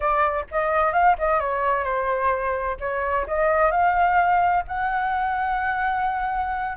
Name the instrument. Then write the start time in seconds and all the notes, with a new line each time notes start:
flute
0.00 D5
0.51 D#5
0.92 F5
1.18 D#5
1.40 C#5
1.84 C5
2.80 C#5
3.27 D#5
3.71 F5
4.67 F#5